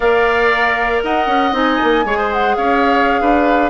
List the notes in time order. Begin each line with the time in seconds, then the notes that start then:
0.00 A#3 A#4 D5 F5
1.03 D#4 D#5 F#5
1.26 C#4
1.52 C4 D#4 G#5
1.83 A#3
2.04 G#3 G#4 C#5
2.17 C5
2.32 F#5
2.55 C#4 C#5 F5
3.21 D4 B4